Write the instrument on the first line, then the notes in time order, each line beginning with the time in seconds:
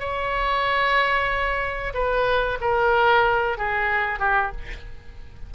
oboe
0.00 C#5
1.94 B4
2.61 A#4
3.58 G#4
4.19 G4